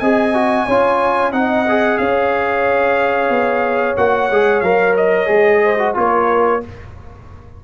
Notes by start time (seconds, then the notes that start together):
0.00 C4 G#4 D#5 G#5
0.34 F#4
0.67 C#4 F4 C#5
1.32 C4 D#4 D#5 F#5
1.69 G#4
1.98 C#4 C#5 F5
3.30 B3
3.97 A#3 F#4 F#5
4.31 G#3 G#4
4.61 F#3 A#4 F5
4.97 D#5
5.27 G#3 G#4
5.64 C5
5.79 F#4
5.95 A#3 F4 A#4 C#5